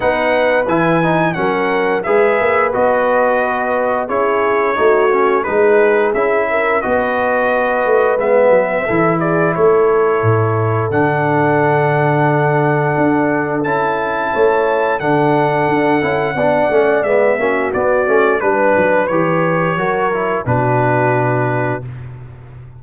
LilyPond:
<<
  \new Staff \with { instrumentName = "trumpet" } { \time 4/4 \tempo 4 = 88 fis''4 gis''4 fis''4 e''4 | dis''2 cis''2 | b'4 e''4 dis''2 | e''4. d''8 cis''2 |
fis''1 | a''2 fis''2~ | fis''4 e''4 d''4 b'4 | cis''2 b'2 | }
  \new Staff \with { instrumentName = "horn" } { \time 4/4 b'2 ais'4 b'4~ | b'2 gis'4 fis'4 | gis'4. ais'8 b'2~ | b'4 a'8 gis'8 a'2~ |
a'1~ | a'4 cis''4 a'2 | d''4. fis'4. b'4~ | b'4 ais'4 fis'2 | }
  \new Staff \with { instrumentName = "trombone" } { \time 4/4 dis'4 e'8 dis'8 cis'4 gis'4 | fis'2 e'4 dis'8 cis'8 | dis'4 e'4 fis'2 | b4 e'2. |
d'1 | e'2 d'4. e'8 | d'8 cis'8 b8 cis'8 b8 cis'8 d'4 | g'4 fis'8 e'8 d'2 | }
  \new Staff \with { instrumentName = "tuba" } { \time 4/4 b4 e4 fis4 gis8 ais8 | b2 cis'4 a4 | gis4 cis'4 b4. a8 | gis8 fis8 e4 a4 a,4 |
d2. d'4 | cis'4 a4 d4 d'8 cis'8 | b8 a8 gis8 ais8 b8 a8 g8 fis8 | e4 fis4 b,2 | }
>>